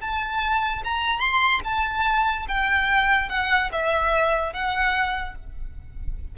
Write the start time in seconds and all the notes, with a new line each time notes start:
0.00 A5
0.84 A#5
1.19 C6
1.64 A5
2.48 G5
3.29 F#5
3.72 E5
4.52 F#5